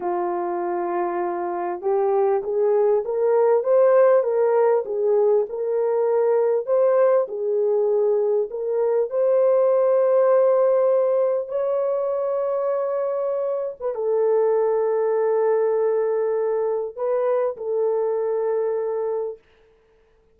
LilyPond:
\new Staff \with { instrumentName = "horn" } { \time 4/4 \tempo 4 = 99 f'2. g'4 | gis'4 ais'4 c''4 ais'4 | gis'4 ais'2 c''4 | gis'2 ais'4 c''4~ |
c''2. cis''4~ | cis''2~ cis''8. b'16 a'4~ | a'1 | b'4 a'2. | }